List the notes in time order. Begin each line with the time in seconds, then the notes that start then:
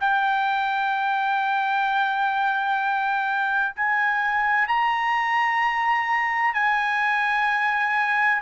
0.00 G5
3.75 G#5
4.67 A#5
6.54 G#5